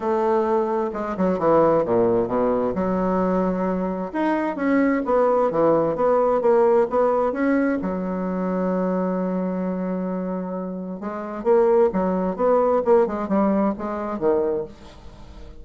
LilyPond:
\new Staff \with { instrumentName = "bassoon" } { \time 4/4 \tempo 4 = 131 a2 gis8 fis8 e4 | ais,4 b,4 fis2~ | fis4 dis'4 cis'4 b4 | e4 b4 ais4 b4 |
cis'4 fis2.~ | fis1 | gis4 ais4 fis4 b4 | ais8 gis8 g4 gis4 dis4 | }